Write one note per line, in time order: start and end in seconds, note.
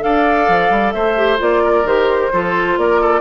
0.00 0.48 D4
0.00 1.15 A4
0.00 0.94 D5
0.00 0.92 F5
0.48 0.70 F3
0.70 0.93 G3
0.92 1.40 A3
0.92 1.63 C5
0.92 1.38 E5
1.16 1.38 G4
1.38 1.84 A#3
1.38 1.84 F4
1.38 1.87 D5
1.63 2.32 A#4
1.84 2.30 D#3
1.84 2.31 G4
1.84 2.79 C5
2.32 2.77 F3
2.32 3.20 F4
2.32 2.78 A4
2.77 3.20 A#3
2.77 3.01 A#4
2.77 3.20 D5
3.01 3.20 A4